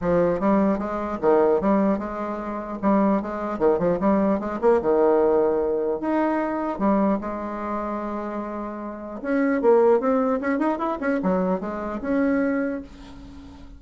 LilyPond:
\new Staff \with { instrumentName = "bassoon" } { \time 4/4 \tempo 4 = 150 f4 g4 gis4 dis4 | g4 gis2 g4 | gis4 dis8 f8 g4 gis8 ais8 | dis2. dis'4~ |
dis'4 g4 gis2~ | gis2. cis'4 | ais4 c'4 cis'8 dis'8 e'8 cis'8 | fis4 gis4 cis'2 | }